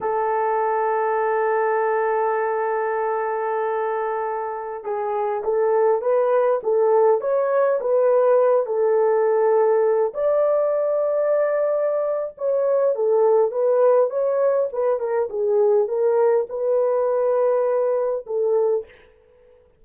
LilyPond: \new Staff \with { instrumentName = "horn" } { \time 4/4 \tempo 4 = 102 a'1~ | a'1~ | a'16 gis'4 a'4 b'4 a'8.~ | a'16 cis''4 b'4. a'4~ a'16~ |
a'4~ a'16 d''2~ d''8.~ | d''4 cis''4 a'4 b'4 | cis''4 b'8 ais'8 gis'4 ais'4 | b'2. a'4 | }